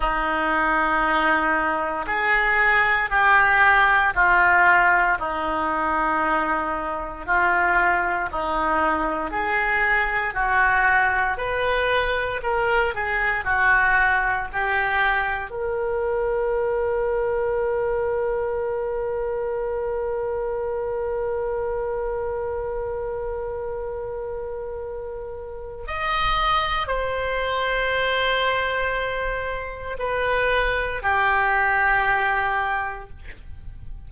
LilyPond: \new Staff \with { instrumentName = "oboe" } { \time 4/4 \tempo 4 = 58 dis'2 gis'4 g'4 | f'4 dis'2 f'4 | dis'4 gis'4 fis'4 b'4 | ais'8 gis'8 fis'4 g'4 ais'4~ |
ais'1~ | ais'1~ | ais'4 dis''4 c''2~ | c''4 b'4 g'2 | }